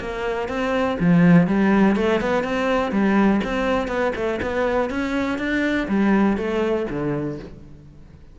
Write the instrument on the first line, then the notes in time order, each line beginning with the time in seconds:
cello
0.00 A#3
0.48 C4
1.00 F3
1.47 G3
1.96 A3
2.21 B3
2.44 C4
2.92 G3
3.44 C4
3.88 B3
4.16 A3
4.42 B3
4.90 C#4
5.38 D4
5.88 G3
6.37 A3
6.90 D3